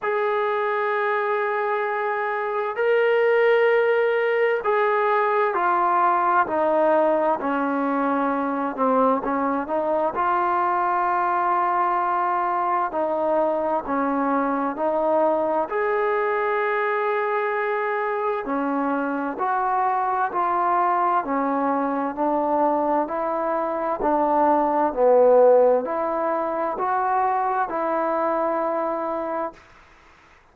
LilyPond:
\new Staff \with { instrumentName = "trombone" } { \time 4/4 \tempo 4 = 65 gis'2. ais'4~ | ais'4 gis'4 f'4 dis'4 | cis'4. c'8 cis'8 dis'8 f'4~ | f'2 dis'4 cis'4 |
dis'4 gis'2. | cis'4 fis'4 f'4 cis'4 | d'4 e'4 d'4 b4 | e'4 fis'4 e'2 | }